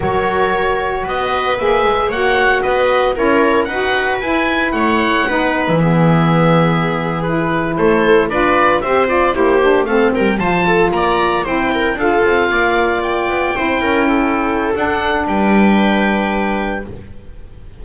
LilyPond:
<<
  \new Staff \with { instrumentName = "oboe" } { \time 4/4 \tempo 4 = 114 cis''2 dis''4 e''4 | fis''4 dis''4 cis''4 fis''4 | gis''4 fis''4.~ fis''16 e''4~ e''16~ | e''4.~ e''16 b'4 c''4 d''16~ |
d''8. e''8 d''8 c''4 f''8 g''8 a''16~ | a''8. ais''4 g''4 f''4~ f''16~ | f''8. g''2.~ g''16 | fis''4 g''2. | }
  \new Staff \with { instrumentName = "viola" } { \time 4/4 ais'2 b'2 | cis''4 b'4 ais'4 b'4~ | b'4 cis''4 b'4 gis'4~ | gis'2~ gis'8. a'4 b'16~ |
b'8. c''4 g'4 a'8 ais'8 c''16~ | c''16 a'8 d''4 c''8 ais'8 a'4 d''16~ | d''4.~ d''16 c''8 ais'8 a'4~ a'16~ | a'4 b'2. | }
  \new Staff \with { instrumentName = "saxophone" } { \time 4/4 fis'2. gis'4 | fis'2 e'4 fis'4 | e'2 dis'4 b4~ | b4.~ b16 e'2 f'16~ |
f'8. g'8 f'8 e'8 d'8 c'4 f'16~ | f'4.~ f'16 e'4 f'4~ f'16~ | f'4.~ f'16 e'2~ e'16 | d'1 | }
  \new Staff \with { instrumentName = "double bass" } { \time 4/4 fis2 b4 ais8 gis8 | ais4 b4 cis'4 dis'4 | e'4 a4 b8. e4~ e16~ | e2~ e8. a4 d'16~ |
d'8. c'4 ais4 a8 g8 f16~ | f8. ais4 c'4 d'8 c'8 ais16~ | ais4~ ais16 b8 c'8 cis'4.~ cis'16 | d'4 g2. | }
>>